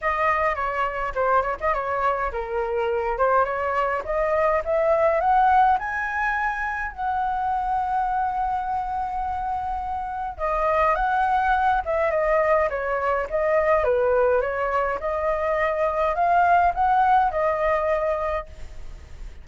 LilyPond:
\new Staff \with { instrumentName = "flute" } { \time 4/4 \tempo 4 = 104 dis''4 cis''4 c''8 cis''16 dis''16 cis''4 | ais'4. c''8 cis''4 dis''4 | e''4 fis''4 gis''2 | fis''1~ |
fis''2 dis''4 fis''4~ | fis''8 e''8 dis''4 cis''4 dis''4 | b'4 cis''4 dis''2 | f''4 fis''4 dis''2 | }